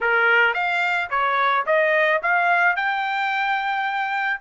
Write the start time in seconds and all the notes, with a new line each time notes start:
0.01 A#4
0.54 F5
1.10 C#5
1.66 D#5
2.22 F5
2.75 G5